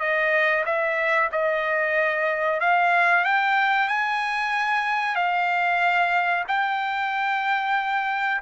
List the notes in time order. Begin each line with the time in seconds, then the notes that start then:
0.00 D#5
0.66 E5
1.32 D#5
2.61 F5
3.25 G5
3.89 G#5
5.16 F5
6.48 G5